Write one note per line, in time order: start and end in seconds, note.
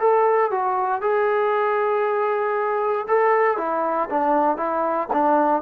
0.00 0.51 A4
0.51 1.02 F#4
1.02 3.07 G#4
3.08 3.58 A4
3.58 4.09 E4
4.10 4.57 D4
4.57 5.09 E4
5.14 5.63 D4